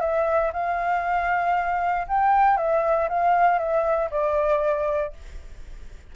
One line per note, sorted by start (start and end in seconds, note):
0.00 0.51 E5
0.53 2.07 F5
2.07 2.57 G5
2.57 3.08 E5
3.09 3.59 F5
3.59 4.10 E5
4.10 5.13 D5